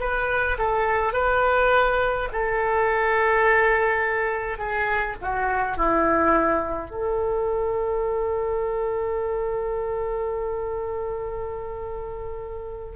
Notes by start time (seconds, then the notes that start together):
0.00 B4
0.58 A4
1.13 B4
2.32 A4
4.58 G#4
5.22 F#4
5.77 E4
6.91 A4